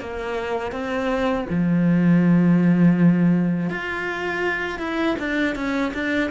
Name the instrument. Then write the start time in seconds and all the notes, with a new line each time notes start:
cello
0.00 A#3
0.72 C4
1.50 F3
3.70 F4
4.79 E4
5.19 D4
5.55 C#4
5.94 D4